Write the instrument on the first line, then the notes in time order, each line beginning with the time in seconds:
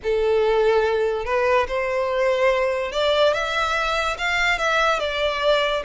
violin
0.03 A4
1.25 B4
1.67 C5
2.92 D5
3.33 E5
4.17 F5
4.58 E5
4.99 D5